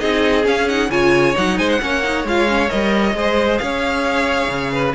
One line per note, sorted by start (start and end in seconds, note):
0.00 0.47 C4
0.00 0.43 D#4
0.00 0.91 G#4
0.00 0.45 D#5
0.43 0.66 C#4
0.43 0.90 C#4
0.43 0.69 F5
0.69 0.90 D#4
0.69 0.91 F#5
0.90 1.36 C#3
0.90 1.34 F4
0.90 1.59 C#5
0.90 1.36 G#5
1.34 1.59 F#3
1.34 1.80 D#4
1.34 1.59 F#5
1.59 1.81 G#3
1.59 1.81 C5
1.59 1.70 G#5
1.70 2.26 F#5
1.81 2.25 A#3
1.81 2.04 C#4
1.81 3.17 C#5
2.04 2.26 D#4
2.25 2.70 G#3
2.25 2.48 F4
2.25 2.70 F5
2.48 2.70 C#4
2.70 3.15 G3
2.70 3.15 A#4
2.70 3.58 D#5
3.15 3.60 G#3
3.15 4.96 G#4
3.15 3.62 C5
3.58 4.49 C#4
3.58 4.73 C#5
3.58 4.94 F5
4.49 4.94 C#3
4.73 4.96 B4